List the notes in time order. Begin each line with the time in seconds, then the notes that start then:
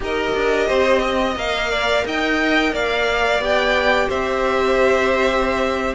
0.00 D#4 G4 A#4 D#5
0.35 D4
0.67 C4 C5
1.03 D#5
1.36 A#3 A#4 F5
1.70 D5
2.05 D#4 D#5 G5
2.72 A#3 D5 F5
3.39 B3 G4 G5
4.08 C4 C5 E5